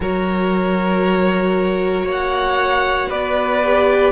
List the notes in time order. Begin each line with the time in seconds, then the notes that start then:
0.00 F#3 F#4 A#4 C#5
2.03 A#3 C#5
2.11 F#5
3.08 B3 B4 D5
3.63 G4